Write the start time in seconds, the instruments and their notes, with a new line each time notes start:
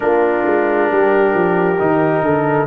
0.00 tuba A#3, trombone D4, horn F4, trumpet A#4
0.46 tuba G#3
0.90 tuba G3, horn G4
1.34 tuba F3
1.79 tuba D#3, trombone D#4
2.22 tuba D3, horn A4